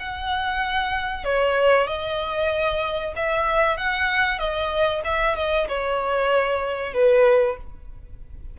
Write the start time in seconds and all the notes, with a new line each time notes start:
0.00 F#5
1.25 C#5
1.88 D#5
3.17 E5
3.78 F#5
4.39 D#5
5.05 E5
5.37 D#5
5.68 C#5
6.94 B4